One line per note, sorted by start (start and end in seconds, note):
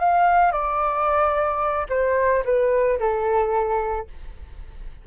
0.00 0.52 F5
0.52 1.87 D5
1.90 2.44 C5
2.45 2.99 B4
3.00 4.08 A4